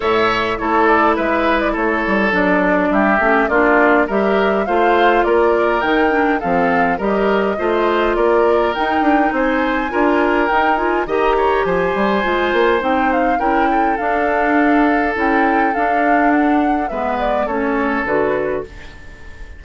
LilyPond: <<
  \new Staff \with { instrumentName = "flute" } { \time 4/4 \tempo 4 = 103 e''4 cis''8 d''8 e''8. d''16 cis''4 | d''4 e''4 d''4 e''4 | f''4 d''4 g''4 f''4 | dis''2 d''4 g''4 |
gis''2 g''8 gis''8 ais''4 | gis''2 g''8 f''8 g''4 | f''2 g''4 f''4 | fis''4 e''8 d''8 cis''4 b'4 | }
  \new Staff \with { instrumentName = "oboe" } { \time 4/4 cis''4 a'4 b'4 a'4~ | a'4 g'4 f'4 ais'4 | c''4 ais'2 a'4 | ais'4 c''4 ais'2 |
c''4 ais'2 dis''8 cis''8 | c''2. ais'8 a'8~ | a'1~ | a'4 b'4 a'2 | }
  \new Staff \with { instrumentName = "clarinet" } { \time 4/4 a'4 e'2. | d'4. cis'8 d'4 g'4 | f'2 dis'8 d'8 c'4 | g'4 f'2 dis'4~ |
dis'4 f'4 dis'8 f'8 g'4~ | g'4 f'4 dis'4 e'4 | d'2 e'4 d'4~ | d'4 b4 cis'4 fis'4 | }
  \new Staff \with { instrumentName = "bassoon" } { \time 4/4 a,4 a4 gis4 a8 g8 | fis4 g8 a8 ais4 g4 | a4 ais4 dis4 f4 | g4 a4 ais4 dis'8 d'8 |
c'4 d'4 dis'4 dis4 | f8 g8 gis8 ais8 c'4 cis'4 | d'2 cis'4 d'4~ | d'4 gis4 a4 d4 | }
>>